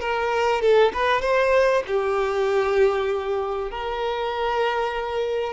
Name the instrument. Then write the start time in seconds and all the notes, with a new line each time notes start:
violin
0.00 A#4
0.61 A4
0.93 B4
1.21 C5
1.86 G4
3.71 A#4